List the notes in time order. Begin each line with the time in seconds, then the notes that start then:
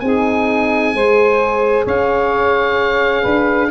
0.00 C4 D#4 G#4 G#5
0.94 G#3 G#4 C5
1.85 C#4 C#5 F5
3.22 D4 B4